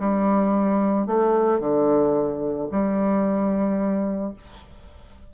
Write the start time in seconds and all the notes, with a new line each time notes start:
0.00 G3
1.07 A3
1.60 D3
2.71 G3